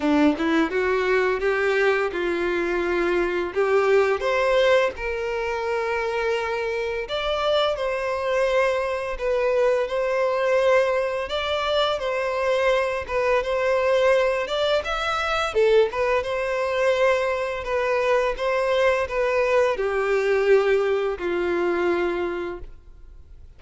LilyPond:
\new Staff \with { instrumentName = "violin" } { \time 4/4 \tempo 4 = 85 d'8 e'8 fis'4 g'4 f'4~ | f'4 g'4 c''4 ais'4~ | ais'2 d''4 c''4~ | c''4 b'4 c''2 |
d''4 c''4. b'8 c''4~ | c''8 d''8 e''4 a'8 b'8 c''4~ | c''4 b'4 c''4 b'4 | g'2 f'2 | }